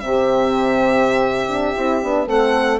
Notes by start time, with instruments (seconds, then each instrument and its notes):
0.00 bassoon C3, horn C4, saxophone G4, violin E5
1.48 horn D4
1.75 bassoon C4, horn E4
2.02 bassoon B3, horn D4
2.26 bassoon A3, horn C4, saxophone A4, violin F#5